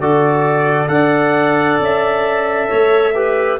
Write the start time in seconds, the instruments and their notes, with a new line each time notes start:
0.00 tuba D3, trombone F#4, clarinet A4, trumpet D5
0.88 tuba D4, trombone A4, clarinet D5, trumpet F#5
1.79 tuba C#4, trumpet E5
2.68 tuba A3, clarinet C#5
3.14 trombone G4, clarinet B4